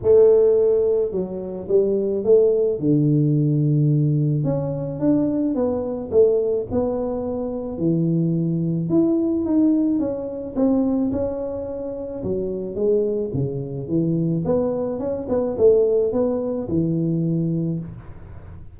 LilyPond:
\new Staff \with { instrumentName = "tuba" } { \time 4/4 \tempo 4 = 108 a2 fis4 g4 | a4 d2. | cis'4 d'4 b4 a4 | b2 e2 |
e'4 dis'4 cis'4 c'4 | cis'2 fis4 gis4 | cis4 e4 b4 cis'8 b8 | a4 b4 e2 | }